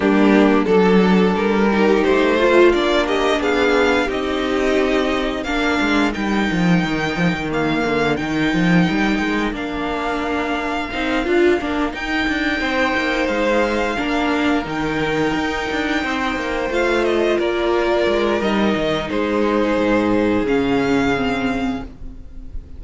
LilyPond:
<<
  \new Staff \with { instrumentName = "violin" } { \time 4/4 \tempo 4 = 88 g'4 a'4 ais'4 c''4 | d''8 dis''8 f''4 dis''2 | f''4 g''2 f''4 | g''2 f''2~ |
f''4. g''2 f''8~ | f''4. g''2~ g''8~ | g''8 f''8 dis''8 d''4. dis''4 | c''2 f''2 | }
  \new Staff \with { instrumentName = "violin" } { \time 4/4 d'4 a'4. g'4 f'8~ | f'8 g'8 gis'4 g'2 | ais'1~ | ais'1~ |
ais'2~ ais'8 c''4.~ | c''8 ais'2. c''8~ | c''4. ais'2~ ais'8 | gis'1 | }
  \new Staff \with { instrumentName = "viola" } { \time 4/4 ais4 d'4. dis'4 f'8 | d'2 dis'2 | d'4 dis'2 ais4 | dis'2 d'2 |
dis'8 f'8 d'8 dis'2~ dis'8~ | dis'8 d'4 dis'2~ dis'8~ | dis'8 f'2~ f'8 dis'4~ | dis'2 cis'4 c'4 | }
  \new Staff \with { instrumentName = "cello" } { \time 4/4 g4 fis4 g4 a4 | ais4 b4 c'2 | ais8 gis8 g8 f8 dis8 f16 dis8. d8 | dis8 f8 g8 gis8 ais2 |
c'8 d'8 ais8 dis'8 d'8 c'8 ais8 gis8~ | gis8 ais4 dis4 dis'8 d'8 c'8 | ais8 a4 ais4 gis8 g8 dis8 | gis4 gis,4 cis2 | }
>>